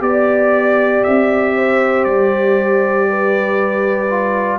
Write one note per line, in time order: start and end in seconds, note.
0.00 1.03 B3
0.00 4.07 G4
0.00 1.04 D5
0.00 1.56 D5
1.04 2.06 C4
1.04 2.04 E5
1.56 3.08 C5
2.04 4.60 G3
2.04 4.59 D5
3.10 4.60 B4
4.10 4.60 F4